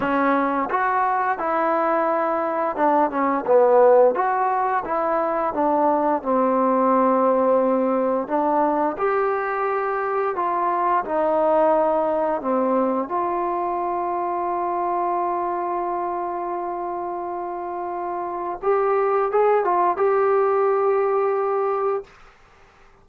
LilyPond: \new Staff \with { instrumentName = "trombone" } { \time 4/4 \tempo 4 = 87 cis'4 fis'4 e'2 | d'8 cis'8 b4 fis'4 e'4 | d'4 c'2. | d'4 g'2 f'4 |
dis'2 c'4 f'4~ | f'1~ | f'2. g'4 | gis'8 f'8 g'2. | }